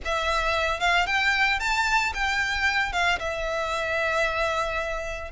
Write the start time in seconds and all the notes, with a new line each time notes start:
0.05 E5
0.80 F5
1.06 G5
1.59 A5
2.14 G5
2.92 F5
3.19 E5